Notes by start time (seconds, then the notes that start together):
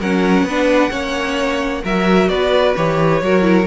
0.00 F#3 C#4 A#4 F#5
0.43 B3 B4
0.49 D4
0.90 A#3 C#4 C#5
1.84 F#3 F#4 A#4 E5
2.29 B3 B4 D5
2.76 E3 G4 C#5
3.22 F#3 F#4 A#4
3.42 E4